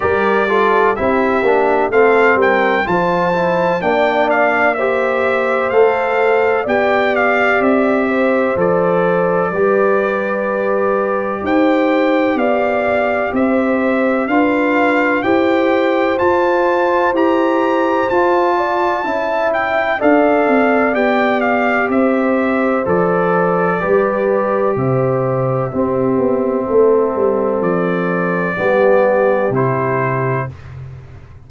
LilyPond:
<<
  \new Staff \with { instrumentName = "trumpet" } { \time 4/4 \tempo 4 = 63 d''4 e''4 f''8 g''8 a''4 | g''8 f''8 e''4 f''4 g''8 f''8 | e''4 d''2. | g''4 f''4 e''4 f''4 |
g''4 a''4 ais''4 a''4~ | a''8 g''8 f''4 g''8 f''8 e''4 | d''2 e''2~ | e''4 d''2 c''4 | }
  \new Staff \with { instrumentName = "horn" } { \time 4/4 ais'8 a'8 g'4 a'8 ais'8 c''4 | d''4 c''2 d''4~ | d''8 c''4. b'2 | c''4 d''4 c''4 b'4 |
c''2.~ c''8 d''8 | e''4 d''2 c''4~ | c''4 b'4 c''4 g'4 | a'2 g'2 | }
  \new Staff \with { instrumentName = "trombone" } { \time 4/4 g'8 f'8 e'8 d'8 c'4 f'8 e'8 | d'4 g'4 a'4 g'4~ | g'4 a'4 g'2~ | g'2. f'4 |
g'4 f'4 g'4 f'4 | e'4 a'4 g'2 | a'4 g'2 c'4~ | c'2 b4 e'4 | }
  \new Staff \with { instrumentName = "tuba" } { \time 4/4 g4 c'8 ais8 a8 g8 f4 | ais2 a4 b4 | c'4 f4 g2 | dis'4 b4 c'4 d'4 |
e'4 f'4 e'4 f'4 | cis'4 d'8 c'8 b4 c'4 | f4 g4 c4 c'8 b8 | a8 g8 f4 g4 c4 | }
>>